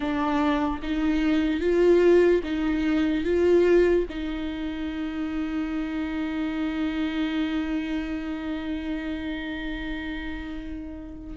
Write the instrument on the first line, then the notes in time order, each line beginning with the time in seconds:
viola
0.00 D4
0.82 D#4
1.60 F4
2.43 D#4
3.24 F4
4.09 D#4